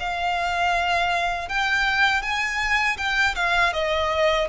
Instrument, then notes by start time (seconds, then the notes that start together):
violin
0.00 F5
1.49 G5
2.22 G#5
2.98 G5
3.35 F5
3.73 D#5